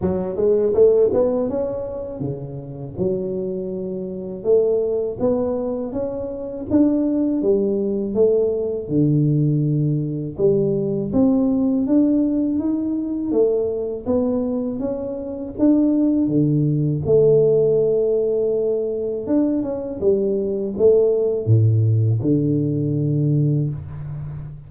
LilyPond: \new Staff \with { instrumentName = "tuba" } { \time 4/4 \tempo 4 = 81 fis8 gis8 a8 b8 cis'4 cis4 | fis2 a4 b4 | cis'4 d'4 g4 a4 | d2 g4 c'4 |
d'4 dis'4 a4 b4 | cis'4 d'4 d4 a4~ | a2 d'8 cis'8 g4 | a4 a,4 d2 | }